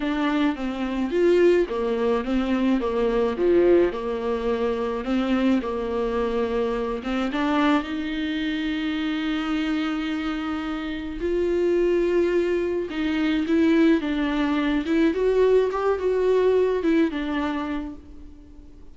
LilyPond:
\new Staff \with { instrumentName = "viola" } { \time 4/4 \tempo 4 = 107 d'4 c'4 f'4 ais4 | c'4 ais4 f4 ais4~ | ais4 c'4 ais2~ | ais8 c'8 d'4 dis'2~ |
dis'1 | f'2. dis'4 | e'4 d'4. e'8 fis'4 | g'8 fis'4. e'8 d'4. | }